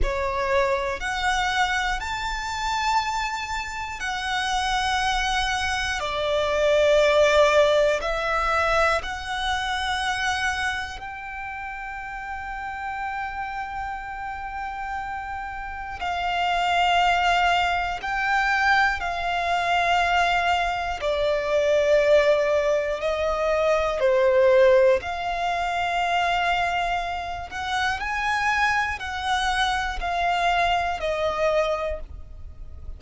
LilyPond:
\new Staff \with { instrumentName = "violin" } { \time 4/4 \tempo 4 = 60 cis''4 fis''4 a''2 | fis''2 d''2 | e''4 fis''2 g''4~ | g''1 |
f''2 g''4 f''4~ | f''4 d''2 dis''4 | c''4 f''2~ f''8 fis''8 | gis''4 fis''4 f''4 dis''4 | }